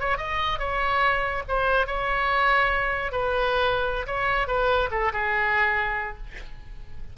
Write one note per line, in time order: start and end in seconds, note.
0.00 0.18 C#5
0.18 0.60 D#5
0.60 1.43 C#5
1.49 1.87 C5
1.87 3.12 C#5
3.12 4.07 B4
4.07 4.48 C#5
4.48 4.90 B4
4.91 5.12 A4
5.13 6.18 G#4